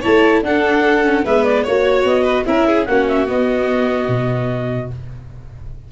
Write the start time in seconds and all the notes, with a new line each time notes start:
0.00 A3 E4 C#5 A5
0.42 D4 A4 F#5
1.03 C#4
1.24 G#3 B3 B4 E5
1.44 D5
1.63 A#3 F#4 C#5
2.04 B3 D#5
2.23 B4
2.45 C#4 E4 A#4 E5
2.67 G#4
2.85 A#3 C#4 F#4 F#5
3.07 E5
3.26 B3 D#5
4.08 B2